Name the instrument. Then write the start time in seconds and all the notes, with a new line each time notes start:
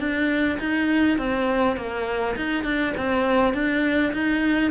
cello
0.00 D4
0.60 D#4
1.18 C4
1.77 A#3
2.37 D#4
2.64 D4
2.97 C4
3.54 D4
4.13 D#4